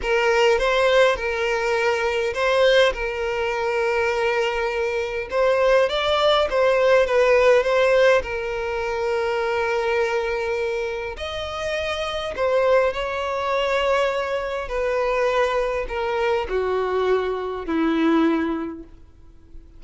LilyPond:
\new Staff \with { instrumentName = "violin" } { \time 4/4 \tempo 4 = 102 ais'4 c''4 ais'2 | c''4 ais'2.~ | ais'4 c''4 d''4 c''4 | b'4 c''4 ais'2~ |
ais'2. dis''4~ | dis''4 c''4 cis''2~ | cis''4 b'2 ais'4 | fis'2 e'2 | }